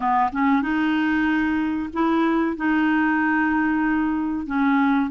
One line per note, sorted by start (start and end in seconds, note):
0.00 0.30 B3
0.32 0.62 C#4
0.62 1.89 D#4
1.93 2.56 E4
2.56 4.46 D#4
4.46 5.10 C#4